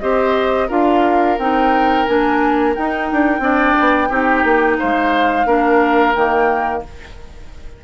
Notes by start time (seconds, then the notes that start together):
0.00 C4 G4 C5 D#5
0.68 D4 F4 A#4 F5
1.38 C4 D#4 G5
2.06 A#3 D4 G#5
2.75 D#4 G5
3.12 D4
3.39 C4 D4 D5
3.80 B3
4.09 C4 D#4 G4
4.44 A#3
4.79 G#3 C5 F5
5.45 A#3 D4 A#4
6.14 D#3 A#3 G5